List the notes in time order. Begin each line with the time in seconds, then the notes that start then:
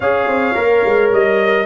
0.00 C#4 G#4 C#5 F5
0.27 C4
0.54 A#3 A#4
0.85 G#3
1.11 G3 D#5